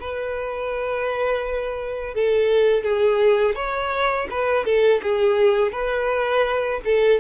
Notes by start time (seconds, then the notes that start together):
0.00 B4
2.15 A4
2.83 G#4
3.55 C#5
4.30 B4
4.65 A4
5.02 G#4
5.72 B4
6.85 A4